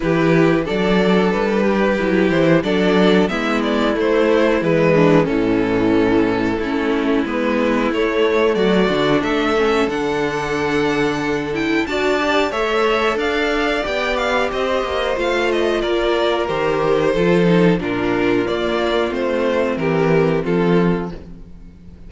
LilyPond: <<
  \new Staff \with { instrumentName = "violin" } { \time 4/4 \tempo 4 = 91 b'4 d''4 b'4. c''8 | d''4 e''8 d''8 c''4 b'4 | a'2. b'4 | cis''4 d''4 e''4 fis''4~ |
fis''4. g''8 a''4 e''4 | f''4 g''8 f''8 dis''4 f''8 dis''8 | d''4 c''2 ais'4 | d''4 c''4 ais'4 a'4 | }
  \new Staff \with { instrumentName = "violin" } { \time 4/4 g'4 a'4. g'4. | a'4 e'2~ e'8 d'8 | cis'2 e'2~ | e'4 fis'4 a'2~ |
a'2 d''4 cis''4 | d''2 c''2 | ais'2 a'4 f'4~ | f'2 g'4 f'4 | }
  \new Staff \with { instrumentName = "viola" } { \time 4/4 e'4 d'2 e'4 | d'4 b4 a4 gis4 | e2 cis'4 b4 | a4. d'4 cis'8 d'4~ |
d'4. e'8 fis'8 g'8 a'4~ | a'4 g'2 f'4~ | f'4 g'4 f'8 dis'8 d'4 | ais4 c'2. | }
  \new Staff \with { instrumentName = "cello" } { \time 4/4 e4 fis4 g4 fis8 e8 | fis4 gis4 a4 e4 | a,2 a4 gis4 | a4 fis8 d8 a4 d4~ |
d2 d'4 a4 | d'4 b4 c'8 ais8 a4 | ais4 dis4 f4 ais,4 | ais4 a4 e4 f4 | }
>>